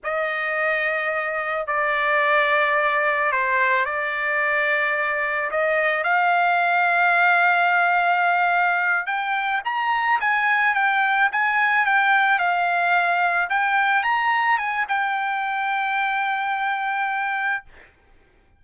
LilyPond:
\new Staff \with { instrumentName = "trumpet" } { \time 4/4 \tempo 4 = 109 dis''2. d''4~ | d''2 c''4 d''4~ | d''2 dis''4 f''4~ | f''1~ |
f''8 g''4 ais''4 gis''4 g''8~ | g''8 gis''4 g''4 f''4.~ | f''8 g''4 ais''4 gis''8 g''4~ | g''1 | }